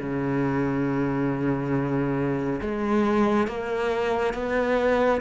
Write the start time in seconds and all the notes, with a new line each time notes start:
0.00 C#3
2.61 G#3
3.48 A#3
4.34 B3